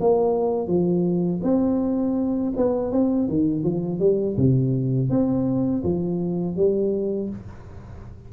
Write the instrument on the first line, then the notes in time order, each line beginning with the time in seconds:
tuba
0.00 A#3
0.68 F3
1.43 C4
2.56 B3
2.92 C4
3.28 D#3
3.63 F3
3.99 G3
4.37 C3
5.10 C4
5.83 F3
6.56 G3